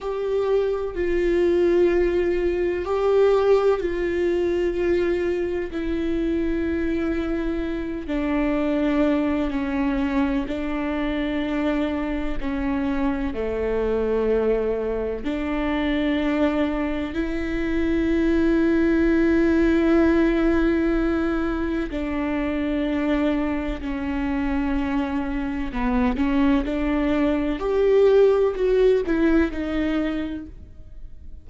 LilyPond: \new Staff \with { instrumentName = "viola" } { \time 4/4 \tempo 4 = 63 g'4 f'2 g'4 | f'2 e'2~ | e'8 d'4. cis'4 d'4~ | d'4 cis'4 a2 |
d'2 e'2~ | e'2. d'4~ | d'4 cis'2 b8 cis'8 | d'4 g'4 fis'8 e'8 dis'4 | }